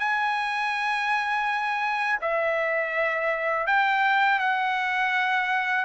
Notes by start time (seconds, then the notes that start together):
0.00 G#5
2.22 E5
3.67 G5
4.40 F#5